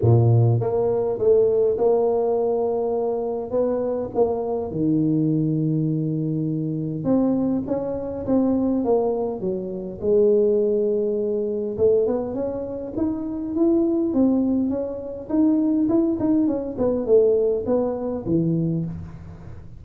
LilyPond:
\new Staff \with { instrumentName = "tuba" } { \time 4/4 \tempo 4 = 102 ais,4 ais4 a4 ais4~ | ais2 b4 ais4 | dis1 | c'4 cis'4 c'4 ais4 |
fis4 gis2. | a8 b8 cis'4 dis'4 e'4 | c'4 cis'4 dis'4 e'8 dis'8 | cis'8 b8 a4 b4 e4 | }